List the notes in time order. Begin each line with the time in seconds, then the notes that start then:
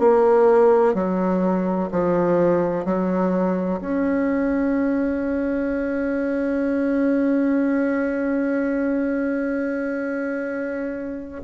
0.00 A#3
0.95 F#3
1.92 F3
2.85 F#3
3.81 C#4